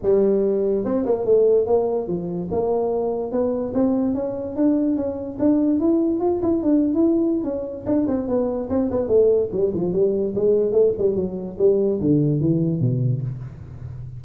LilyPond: \new Staff \with { instrumentName = "tuba" } { \time 4/4 \tempo 4 = 145 g2 c'8 ais8 a4 | ais4 f4 ais2 | b4 c'4 cis'4 d'4 | cis'4 d'4 e'4 f'8 e'8 |
d'8. e'4~ e'16 cis'4 d'8 c'8 | b4 c'8 b8 a4 g8 f8 | g4 gis4 a8 g8 fis4 | g4 d4 e4 b,4 | }